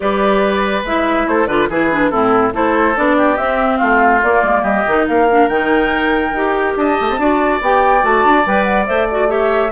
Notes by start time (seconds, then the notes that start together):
0.00 G3 G4 B4 D5
0.83 G#3 E4 E5
1.27 A3 A4 C5
1.46 D3 F4 B4 D5
1.69 E3 E4 G#4 B4
1.91 D4
2.10 A2 C4 E4 A4
2.53 A3 E4 A4 C5
2.95 B3 D4 D5
3.17 G4
3.37 C4 E5
3.77 A3 F4 F5
4.23 A#3 D5
4.42 G#3
4.62 G3 G4 D#5
4.87 D#3 D#4
5.08 A#3 A#4 F5
5.29 D4
5.48 D#3 D#4 G5
6.32 D#4 G4
6.76 D4 D#5 A5
7.00 A3
7.09 C4
7.18 D4 F#4 D5
7.61 B3 G4 G5
8.01 A3 F#4 A5
8.24 D4
8.46 G3 B4 G5
8.63 F#5
8.86 A3 C5 E5
9.09 F#4 D5
9.28 G4 C#5 E5